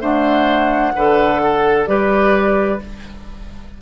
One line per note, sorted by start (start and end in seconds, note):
0.00 0.92 A3
0.00 0.93 D4
0.00 0.93 C5
0.00 1.86 F#5
0.95 1.87 D3
0.95 1.87 A4
0.95 1.42 B4
1.43 1.89 A4
1.86 2.80 G3
1.86 2.79 G4
1.86 2.82 B4
1.86 2.78 D5